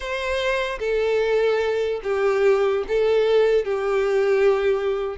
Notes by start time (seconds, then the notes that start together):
0.00 C5
0.79 A4
2.03 G4
2.87 A4
3.64 G4